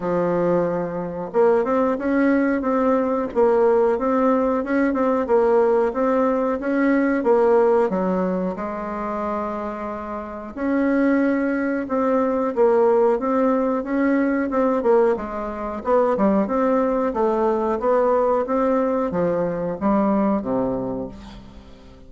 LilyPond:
\new Staff \with { instrumentName = "bassoon" } { \time 4/4 \tempo 4 = 91 f2 ais8 c'8 cis'4 | c'4 ais4 c'4 cis'8 c'8 | ais4 c'4 cis'4 ais4 | fis4 gis2. |
cis'2 c'4 ais4 | c'4 cis'4 c'8 ais8 gis4 | b8 g8 c'4 a4 b4 | c'4 f4 g4 c4 | }